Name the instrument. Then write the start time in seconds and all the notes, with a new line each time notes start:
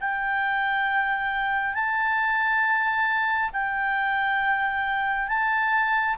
clarinet
0.00 G5
1.74 A5
3.53 G5
5.28 A5